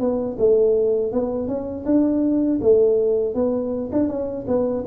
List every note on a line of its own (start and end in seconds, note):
0.00 0.37 B3
0.39 1.13 A3
1.13 1.48 B3
1.48 1.85 C#4
1.86 2.60 D4
2.62 3.35 A3
3.35 3.91 B3
3.93 4.09 D4
4.09 4.46 C#4
4.47 4.85 B3